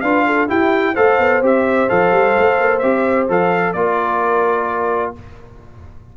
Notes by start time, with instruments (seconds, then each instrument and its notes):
0.00 tuba D4, trombone F4, horn B4, trumpet F5
0.26 horn A4
0.48 trombone E4, tuba E4, horn G4, trumpet G5
0.93 tuba A3, trombone A4, horn C5, trumpet F5
1.18 tuba B3
1.41 tuba C4, trombone G4, trumpet E5
1.88 tuba F3, trombone A4, trumpet F5
2.11 tuba G3
2.38 tuba A3
2.59 tuba A#3
2.78 tuba C4, trombone G4, trumpet E5
3.28 tuba F3, trombone A4, trumpet F5
3.73 tuba A#3, trombone F4, horn A#4, trumpet D5